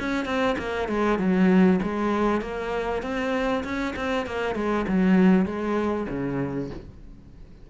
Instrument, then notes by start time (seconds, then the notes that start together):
cello
0.00 C#4
0.26 C4
0.59 A#3
0.88 G#3
1.19 F#3
1.83 G#3
2.42 A#3
3.03 C4
3.64 C#4
3.96 C4
4.27 A#3
4.55 G#3
4.88 F#3
5.46 G#3
6.09 C#3